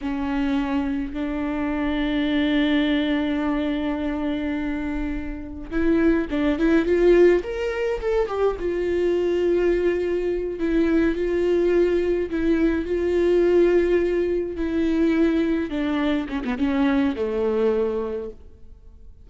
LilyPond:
\new Staff \with { instrumentName = "viola" } { \time 4/4 \tempo 4 = 105 cis'2 d'2~ | d'1~ | d'2 e'4 d'8 e'8 | f'4 ais'4 a'8 g'8 f'4~ |
f'2~ f'8 e'4 f'8~ | f'4. e'4 f'4.~ | f'4. e'2 d'8~ | d'8 cis'16 b16 cis'4 a2 | }